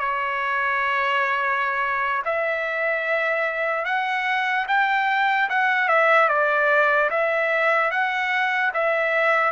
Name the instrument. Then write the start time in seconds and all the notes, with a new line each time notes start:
trumpet
0.00 C#5
2.25 E5
3.85 F#5
4.68 G5
5.50 F#5
5.89 E5
6.29 D5
7.11 E5
7.91 F#5
8.74 E5